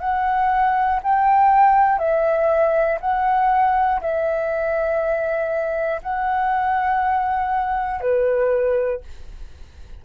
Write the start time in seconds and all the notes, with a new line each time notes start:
0.00 F#5
1.03 G5
1.99 E5
3.01 F#5
4.01 E5
6.02 F#5
8.00 B4